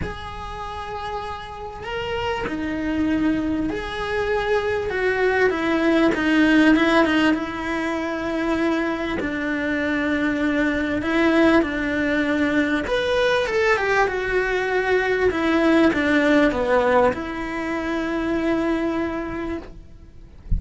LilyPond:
\new Staff \with { instrumentName = "cello" } { \time 4/4 \tempo 4 = 98 gis'2. ais'4 | dis'2 gis'2 | fis'4 e'4 dis'4 e'8 dis'8 | e'2. d'4~ |
d'2 e'4 d'4~ | d'4 b'4 a'8 g'8 fis'4~ | fis'4 e'4 d'4 b4 | e'1 | }